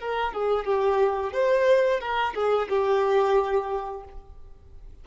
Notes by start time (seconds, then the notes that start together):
0.00 A#4
0.33 G#4
0.65 G4
1.33 C5
2.00 A#4
2.34 G#4
2.69 G4